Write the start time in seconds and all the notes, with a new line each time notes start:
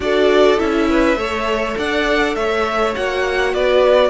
0.00 D4 F#4 A4 D5
0.57 C#4 E4 E5
0.89 B4
1.16 A3 A4 C#5
1.77 D4 D5 F#5
2.35 A3 C#5 E5
2.95 A#3 F#4 F#5
3.53 B3 B4 D5